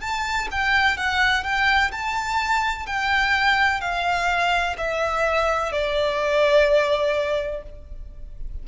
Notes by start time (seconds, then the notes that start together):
0.00 A5
0.51 G5
0.97 F#5
1.43 G5
1.91 A5
2.86 G5
3.81 F5
4.77 E5
5.72 D5